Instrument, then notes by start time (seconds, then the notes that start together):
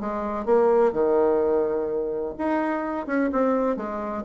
bassoon
0.00 G#3
0.45 A#3
0.92 D#3
2.38 D#4
3.07 C#4
3.32 C4
3.76 G#3